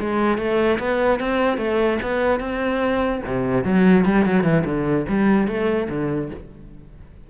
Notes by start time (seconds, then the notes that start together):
0.00 G#3
0.38 A3
0.79 B3
1.20 C4
1.58 A3
2.02 B3
2.40 C4
3.26 C3
3.64 F#3
4.05 G3
4.26 F#3
4.44 E3
4.65 D3
5.09 G3
5.47 A3
5.90 D3